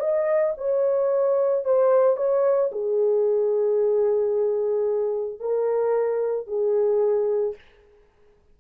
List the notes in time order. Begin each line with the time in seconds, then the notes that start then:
0.00 D#5
0.58 C#5
1.65 C5
2.17 C#5
2.72 G#4
5.40 A#4
6.47 G#4